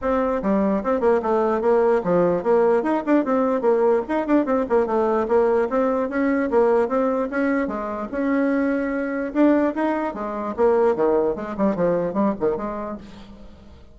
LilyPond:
\new Staff \with { instrumentName = "bassoon" } { \time 4/4 \tempo 4 = 148 c'4 g4 c'8 ais8 a4 | ais4 f4 ais4 dis'8 d'8 | c'4 ais4 dis'8 d'8 c'8 ais8 | a4 ais4 c'4 cis'4 |
ais4 c'4 cis'4 gis4 | cis'2. d'4 | dis'4 gis4 ais4 dis4 | gis8 g8 f4 g8 dis8 gis4 | }